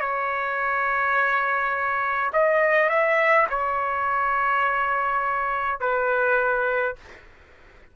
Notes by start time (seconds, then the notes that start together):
0.00 C#5
2.33 D#5
2.89 E5
3.49 C#5
5.80 B4